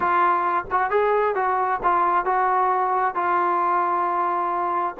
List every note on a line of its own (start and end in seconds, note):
0.00 0.64 F4
0.71 0.90 F#4
0.90 1.35 G#4
1.35 1.80 F#4
1.83 2.25 F4
2.25 3.14 F#4
3.14 4.95 F4